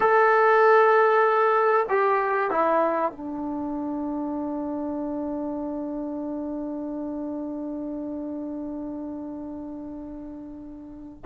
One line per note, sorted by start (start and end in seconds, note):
0.00 1.86 A4
1.89 2.50 G4
2.50 3.11 E4
3.11 11.24 D4